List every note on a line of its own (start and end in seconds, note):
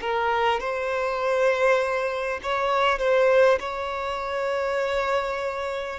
0.00 0.59 A#4
0.59 2.39 C5
2.42 2.98 C#5
2.98 3.58 C5
3.59 5.99 C#5